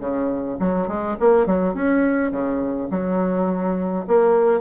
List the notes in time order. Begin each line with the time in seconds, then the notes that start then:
0.00 C#3
0.60 F#3
0.88 G#3
1.20 A#3
1.47 F#3
1.74 C#4
2.32 C#3
2.91 F#3
4.08 A#3